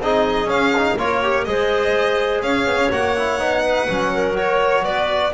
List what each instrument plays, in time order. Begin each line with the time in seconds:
0.00 double bass C4, trombone D#4, clarinet G#4, violin D#5
0.45 double bass C#4, trombone C#4, violin F5
0.76 trombone D#4
0.97 double bass A#3, trombone F4, clarinet A#4, violin C#5
1.22 trombone G4
1.45 double bass G#3, trombone G#4, clarinet C5, violin D#5
2.42 double bass C#4, clarinet C#5, violin F5
2.67 double bass B3
2.76 double bass C#4
2.91 double bass A#3, trombone F#4, violin F#5
3.16 trombone E4
3.39 double bass B3, trombone D#4
3.63 clarinet B4
3.88 double bass F#3, trombone C#4
4.13 clarinet A#4
4.35 trombone F#4, violin C#5
4.83 double bass B3, clarinet B4, violin D5